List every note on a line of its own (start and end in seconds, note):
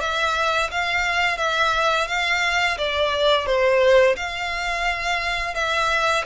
0.00 0.70 E5
0.70 1.37 F5
1.37 2.07 E5
2.07 2.77 F5
2.77 3.46 D5
3.46 4.15 C5
4.16 5.54 F5
5.54 6.24 E5